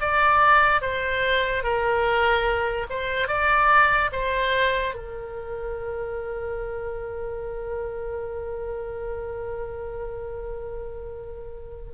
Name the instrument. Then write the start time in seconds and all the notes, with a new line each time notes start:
oboe
0.00 D5
0.81 C5
1.63 A#4
2.90 C5
3.28 D5
4.12 C5
4.94 A#4